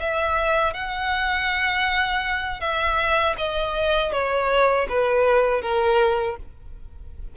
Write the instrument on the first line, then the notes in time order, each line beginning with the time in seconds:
violin
0.00 E5
0.74 F#5
2.60 E5
3.38 D#5
4.12 C#5
4.89 B4
5.61 A#4